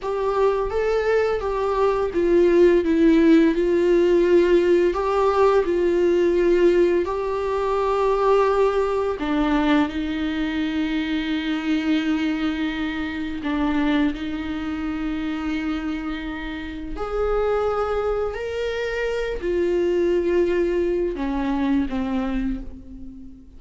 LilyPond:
\new Staff \with { instrumentName = "viola" } { \time 4/4 \tempo 4 = 85 g'4 a'4 g'4 f'4 | e'4 f'2 g'4 | f'2 g'2~ | g'4 d'4 dis'2~ |
dis'2. d'4 | dis'1 | gis'2 ais'4. f'8~ | f'2 cis'4 c'4 | }